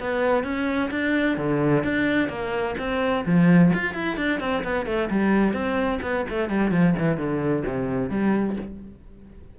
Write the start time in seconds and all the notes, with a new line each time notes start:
0.00 B3
0.43 C#4
0.90 D4
1.37 D3
1.84 D4
2.29 A#3
2.78 C4
3.26 F3
3.74 F4
3.94 E4
4.17 D4
4.40 C4
4.63 B3
4.86 A3
5.10 G3
5.53 C4
6.02 B3
6.30 A3
6.49 G3
6.71 F3
6.98 E3
7.17 D3
7.66 C3
8.09 G3